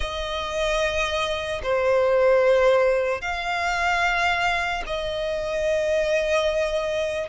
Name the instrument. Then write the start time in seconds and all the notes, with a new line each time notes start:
violin
0.00 D#5
1.63 C5
3.21 F5
4.86 D#5